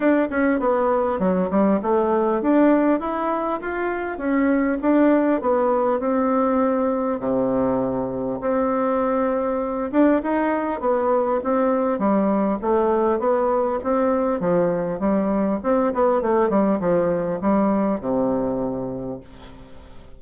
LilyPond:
\new Staff \with { instrumentName = "bassoon" } { \time 4/4 \tempo 4 = 100 d'8 cis'8 b4 fis8 g8 a4 | d'4 e'4 f'4 cis'4 | d'4 b4 c'2 | c2 c'2~ |
c'8 d'8 dis'4 b4 c'4 | g4 a4 b4 c'4 | f4 g4 c'8 b8 a8 g8 | f4 g4 c2 | }